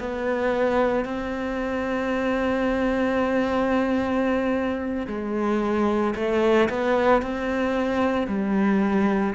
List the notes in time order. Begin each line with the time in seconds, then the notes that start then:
0.00 B3
1.05 C4
5.07 G#3
6.15 A3
6.70 B3
7.22 C4
8.27 G3